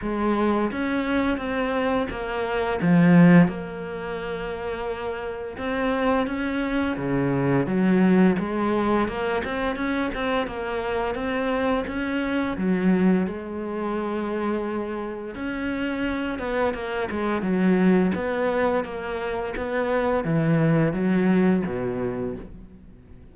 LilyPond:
\new Staff \with { instrumentName = "cello" } { \time 4/4 \tempo 4 = 86 gis4 cis'4 c'4 ais4 | f4 ais2. | c'4 cis'4 cis4 fis4 | gis4 ais8 c'8 cis'8 c'8 ais4 |
c'4 cis'4 fis4 gis4~ | gis2 cis'4. b8 | ais8 gis8 fis4 b4 ais4 | b4 e4 fis4 b,4 | }